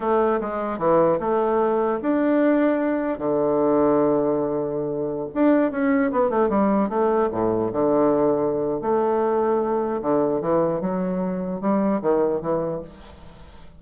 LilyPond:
\new Staff \with { instrumentName = "bassoon" } { \time 4/4 \tempo 4 = 150 a4 gis4 e4 a4~ | a4 d'2. | d1~ | d4~ d16 d'4 cis'4 b8 a16~ |
a16 g4 a4 a,4 d8.~ | d2 a2~ | a4 d4 e4 fis4~ | fis4 g4 dis4 e4 | }